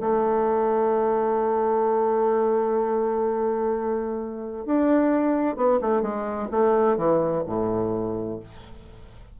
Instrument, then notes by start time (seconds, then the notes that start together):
bassoon
0.00 A3
4.65 D4
5.56 B3
5.81 A3
6.01 G#3
6.51 A3
6.97 E3
7.46 A2